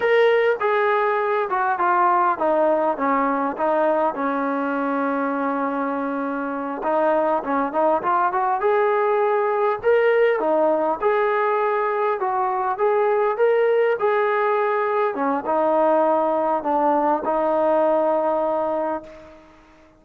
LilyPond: \new Staff \with { instrumentName = "trombone" } { \time 4/4 \tempo 4 = 101 ais'4 gis'4. fis'8 f'4 | dis'4 cis'4 dis'4 cis'4~ | cis'2.~ cis'8 dis'8~ | dis'8 cis'8 dis'8 f'8 fis'8 gis'4.~ |
gis'8 ais'4 dis'4 gis'4.~ | gis'8 fis'4 gis'4 ais'4 gis'8~ | gis'4. cis'8 dis'2 | d'4 dis'2. | }